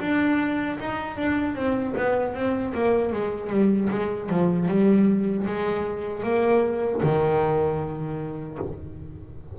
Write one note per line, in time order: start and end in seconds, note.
0.00 0.78 D4
0.80 1.17 D#4
1.17 1.55 D4
1.55 1.94 C4
1.97 2.34 B3
2.34 2.73 C4
2.74 3.12 A#3
3.12 3.50 G#3
3.50 3.89 G3
3.90 4.29 G#3
4.29 4.68 F3
4.68 5.46 G3
5.46 6.23 G#3
6.23 7.01 A#3
7.03 8.59 D#3